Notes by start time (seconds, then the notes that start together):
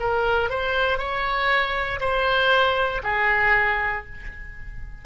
0.00 A#4
0.50 C5
0.98 C#5
2.00 C5
3.04 G#4